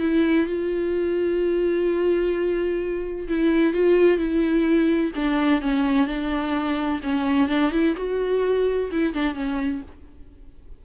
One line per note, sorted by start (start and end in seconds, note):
0.00 0.47 E4
0.47 3.28 F4
3.29 3.74 E4
3.74 4.18 F4
4.18 5.12 E4
5.16 5.62 D4
5.62 6.07 C#4
6.07 7.01 D4
7.04 7.49 C#4
7.49 7.72 D4
7.72 7.96 E4
7.97 8.91 F#4
8.92 9.14 E4
9.14 9.35 D4
9.35 9.82 C#4